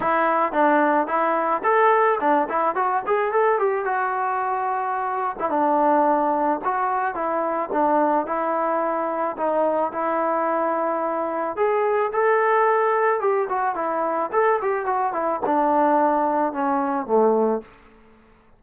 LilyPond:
\new Staff \with { instrumentName = "trombone" } { \time 4/4 \tempo 4 = 109 e'4 d'4 e'4 a'4 | d'8 e'8 fis'8 gis'8 a'8 g'8 fis'4~ | fis'4.~ fis'16 e'16 d'2 | fis'4 e'4 d'4 e'4~ |
e'4 dis'4 e'2~ | e'4 gis'4 a'2 | g'8 fis'8 e'4 a'8 g'8 fis'8 e'8 | d'2 cis'4 a4 | }